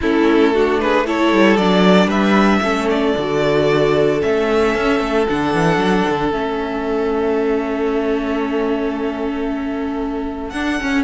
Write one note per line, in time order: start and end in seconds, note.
0.01 1.32 A3
0.01 0.55 C#4
0.01 0.54 E4
0.01 0.80 A4
0.54 1.05 D4
0.54 0.80 F#4
0.80 1.06 G#4
0.80 1.06 B4
1.05 1.58 E4
1.05 2.06 A4
1.05 1.56 C#5
1.32 1.57 G3
1.56 2.07 F#3
1.56 2.62 D4
1.56 2.09 D5
2.06 2.59 G3
2.06 2.59 B4
2.06 2.88 E5
2.62 3.15 A3
2.62 3.14 C#4
2.62 11.03 A4
2.89 4.20 D5
3.17 4.22 D3
3.17 4.20 F#4
4.20 4.74 A3
4.20 5.25 C#4
4.20 5.27 E5
4.74 5.00 C#4
5.00 5.26 A3
5.29 5.53 D3
5.29 6.33 D4
5.29 6.32 F#5
5.53 5.76 E3
5.76 6.03 F#3
6.09 6.31 D3
6.31 10.52 A3
6.31 10.54 C#4
6.31 10.49 E5
10.49 10.78 D4
10.49 10.80 D4
10.49 11.02 F#5
10.80 11.03 C#4